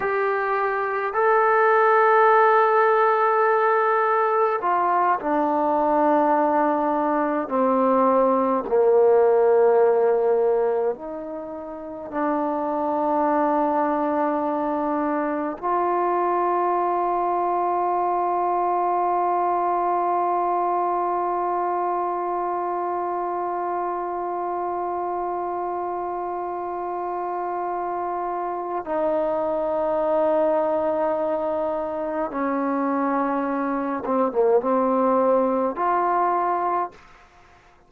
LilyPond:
\new Staff \with { instrumentName = "trombone" } { \time 4/4 \tempo 4 = 52 g'4 a'2. | f'8 d'2 c'4 ais8~ | ais4. dis'4 d'4.~ | d'4. f'2~ f'8~ |
f'1~ | f'1~ | f'4 dis'2. | cis'4. c'16 ais16 c'4 f'4 | }